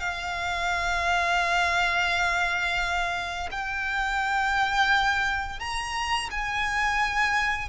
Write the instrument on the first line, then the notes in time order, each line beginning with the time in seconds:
violin
0.00 F5
3.51 G5
5.60 A#5
6.31 G#5